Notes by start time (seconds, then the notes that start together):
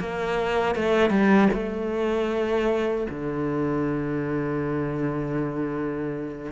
0.00 A#3
0.76 A3
1.10 G3
1.53 A3
3.10 D3